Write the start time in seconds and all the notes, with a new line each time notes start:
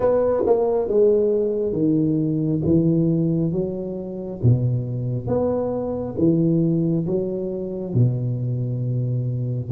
0.00 B3
0.45 A#3
0.88 G#3
1.72 D#3
2.64 E3
3.52 F#3
4.42 B2
5.27 B3
6.18 E3
7.06 F#3
7.94 B2